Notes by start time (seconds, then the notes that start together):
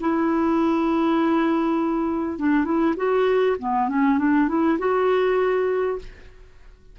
0.00 E4
2.38 D4
2.64 E4
2.96 F#4
3.59 B3
3.88 C#4
4.18 D4
4.48 E4
4.79 F#4